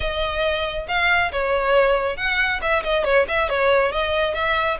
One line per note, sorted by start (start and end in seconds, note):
0.00 0.86 D#5
0.88 1.31 F5
1.32 2.17 C#5
2.17 2.60 F#5
2.61 2.83 E5
2.83 3.04 D#5
3.04 3.26 C#5
3.27 3.49 E5
3.49 3.92 C#5
3.92 4.34 D#5
4.34 4.77 E5